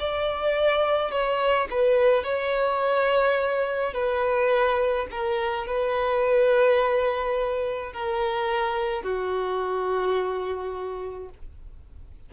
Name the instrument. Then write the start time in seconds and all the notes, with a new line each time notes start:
violin
0.00 D5
1.12 C#5
1.71 B4
2.24 C#5
3.94 B4
5.11 A#4
5.67 B4
7.93 A#4
9.03 F#4